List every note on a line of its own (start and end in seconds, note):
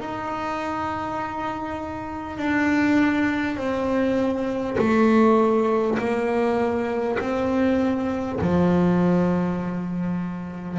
0.00 2.37 D#4
2.37 3.57 D4
3.57 4.77 C4
4.78 5.98 A3
5.98 7.18 A#3
7.19 8.39 C4
8.41 10.78 F3